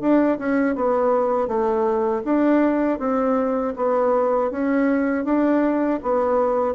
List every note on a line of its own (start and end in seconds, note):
0.00 0.38 D4
0.38 0.75 C#4
0.75 1.47 B3
1.47 2.22 A3
2.24 2.99 D4
2.99 3.74 C4
3.76 4.51 B3
4.51 5.24 C#4
5.24 5.99 D4
6.02 6.74 B3